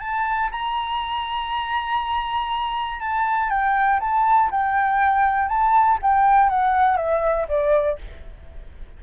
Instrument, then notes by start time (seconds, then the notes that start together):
flute
0.00 A5
0.52 A#5
3.01 A5
3.50 G5
4.00 A5
4.51 G5
5.49 A5
6.02 G5
6.50 F#5
6.97 E5
7.49 D5